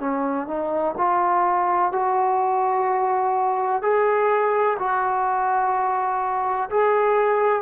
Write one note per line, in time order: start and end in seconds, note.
0.00 0.48 C#4
0.48 0.95 D#4
0.97 1.92 F4
1.92 3.82 F#4
3.82 4.77 G#4
4.79 6.69 F#4
6.70 7.62 G#4